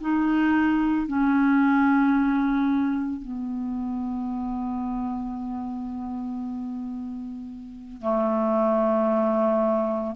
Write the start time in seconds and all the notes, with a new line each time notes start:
0.00 D#4
1.08 C#4
3.21 B3
8.01 A3